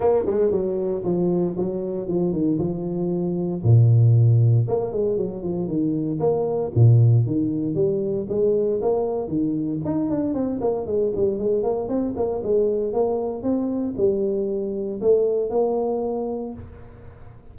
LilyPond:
\new Staff \with { instrumentName = "tuba" } { \time 4/4 \tempo 4 = 116 ais8 gis8 fis4 f4 fis4 | f8 dis8 f2 ais,4~ | ais,4 ais8 gis8 fis8 f8 dis4 | ais4 ais,4 dis4 g4 |
gis4 ais4 dis4 dis'8 d'8 | c'8 ais8 gis8 g8 gis8 ais8 c'8 ais8 | gis4 ais4 c'4 g4~ | g4 a4 ais2 | }